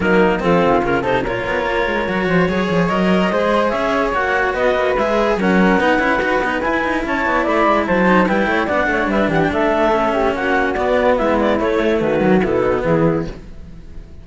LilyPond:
<<
  \new Staff \with { instrumentName = "clarinet" } { \time 4/4 \tempo 4 = 145 ais'4 a'4 ais'8 c''8 cis''4~ | cis''2. dis''4~ | dis''4 e''4 fis''4 dis''4 | e''4 fis''2. |
gis''4 a''4 b''4 a''4 | g''4 fis''4 e''8 fis''16 g''16 e''4~ | e''4 fis''4 d''4 e''8 d''8 | cis''4 b'4 a'4 gis'4 | }
  \new Staff \with { instrumentName = "flute" } { \time 4/4 dis'4 f'4. a'8 ais'4~ | ais'4. c''8 cis''2 | c''4 cis''2 b'4~ | b'4 ais'4 b'2~ |
b'4 cis''4 d''4 c''4 | b'8 cis''8 d''8 cis''8 b'8 g'8 a'4~ | a'8 g'8 fis'2 e'4~ | e'4 fis'4 e'8 dis'8 e'4 | }
  \new Staff \with { instrumentName = "cello" } { \time 4/4 ais4 c'4 cis'8 dis'8 f'4~ | f'4 fis'4 gis'4 ais'4 | gis'2 fis'2 | gis'4 cis'4 dis'8 e'8 fis'8 dis'8 |
e'2.~ e'8 dis'8 | e'4 d'2. | cis'2 b2 | a4. fis8 b2 | }
  \new Staff \with { instrumentName = "cello" } { \time 4/4 fis4 f8 dis8 cis8 c8 ais,8 b8 | ais8 gis8 fis8 f8 fis8 f8 fis4 | gis4 cis'4 ais4 b8 ais8 | gis4 fis4 b8 cis'8 dis'8 b8 |
e'8 dis'8 cis'8 b8 a8 gis8 fis4 | g8 a8 b8 a8 g8 e8 a4~ | a4 ais4 b4 gis4 | a4 dis4 b,4 e4 | }
>>